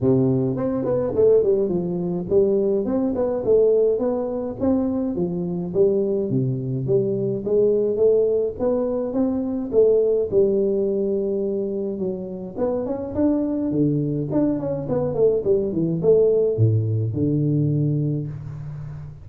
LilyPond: \new Staff \with { instrumentName = "tuba" } { \time 4/4 \tempo 4 = 105 c4 c'8 b8 a8 g8 f4 | g4 c'8 b8 a4 b4 | c'4 f4 g4 c4 | g4 gis4 a4 b4 |
c'4 a4 g2~ | g4 fis4 b8 cis'8 d'4 | d4 d'8 cis'8 b8 a8 g8 e8 | a4 a,4 d2 | }